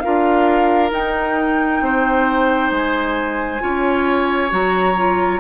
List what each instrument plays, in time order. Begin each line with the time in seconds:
0.00 clarinet F4, oboe A#4, flute F5
0.06 bassoon D4
0.90 clarinet D#4, bassoon D#4, flute G5
1.81 bassoon C4, oboe C5
2.71 bassoon G#3, flute G#5
3.60 bassoon C#4, clarinet F4, oboe C#5
4.49 bassoon F#3, clarinet F#4, flute A#5
4.97 clarinet F4